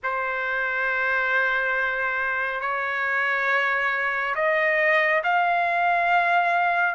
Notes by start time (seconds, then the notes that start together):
0.03 C5
2.60 C#5
4.35 D#5
5.23 F5